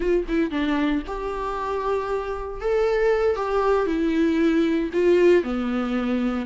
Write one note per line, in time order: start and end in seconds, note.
0.00 0.25 F4
0.28 0.50 E4
0.50 1.02 D4
1.06 2.60 G4
2.60 3.36 A4
3.36 3.86 G4
3.86 4.89 E4
4.93 5.43 F4
5.43 6.46 B3